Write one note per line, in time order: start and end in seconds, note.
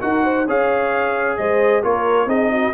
0.00 0.47 D#4
0.00 0.45 F#4
0.00 0.24 A#4
0.00 0.46 F#5
0.24 0.46 C5
0.47 1.38 C#4
0.47 1.82 G#4
0.47 1.38 C#5
0.47 1.37 F5
1.37 1.84 G#3
1.37 1.83 C5
1.37 1.82 D#5
1.82 2.26 A#3
1.82 2.28 F4
1.82 2.28 A#4
1.82 2.29 C#5
2.26 2.71 C4
2.26 2.73 D#4
2.26 2.50 G#4
2.26 2.74 D#5
2.52 2.74 F#4